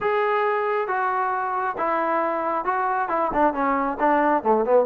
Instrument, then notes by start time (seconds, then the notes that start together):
trombone
0.00 G#4
0.87 F#4
1.77 E4
2.64 F#4
3.09 E4
3.33 D4
3.53 C#4
3.99 D4
4.43 A3
4.65 B3